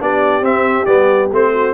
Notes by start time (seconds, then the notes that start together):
0.00 B3 D4 G4 D5
0.41 C4 E5
0.85 G3 B3 D5
1.31 A3 C4 C5
1.53 F#4